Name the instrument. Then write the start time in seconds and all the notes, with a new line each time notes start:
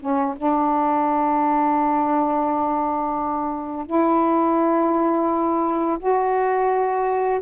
saxophone
0.00 C#4
0.37 D4
3.87 E4
5.99 F#4